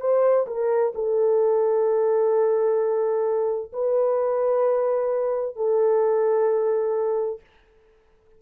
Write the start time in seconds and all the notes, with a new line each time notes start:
0.00 C5
0.47 A#4
0.94 A4
3.73 B4
5.56 A4